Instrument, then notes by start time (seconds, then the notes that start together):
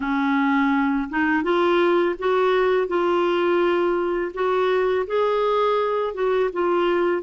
clarinet
0.00 C#4
1.09 D#4
1.43 F4
2.19 F#4
2.87 F4
4.33 F#4
5.06 G#4
6.13 F#4
6.52 F4